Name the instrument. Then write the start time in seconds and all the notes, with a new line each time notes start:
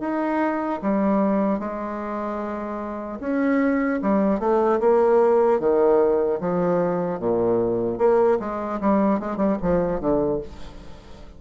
bassoon
0.00 D#4
0.82 G3
1.59 G#3
3.20 C#4
4.02 G3
4.39 A3
4.80 A#3
5.59 D#3
6.40 F3
7.19 A#2
7.98 A#3
8.39 G#3
8.80 G3
9.20 G#3
9.37 G3
9.62 F3
10.00 D3